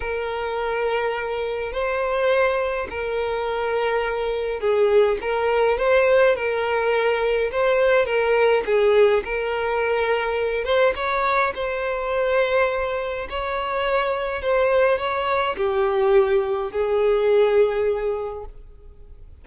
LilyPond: \new Staff \with { instrumentName = "violin" } { \time 4/4 \tempo 4 = 104 ais'2. c''4~ | c''4 ais'2. | gis'4 ais'4 c''4 ais'4~ | ais'4 c''4 ais'4 gis'4 |
ais'2~ ais'8 c''8 cis''4 | c''2. cis''4~ | cis''4 c''4 cis''4 g'4~ | g'4 gis'2. | }